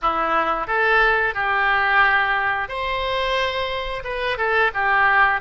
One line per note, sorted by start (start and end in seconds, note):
0.02 0.67 E4
0.67 1.34 A4
1.34 2.68 G4
2.68 4.03 C5
4.04 4.37 B4
4.37 4.71 A4
4.74 5.41 G4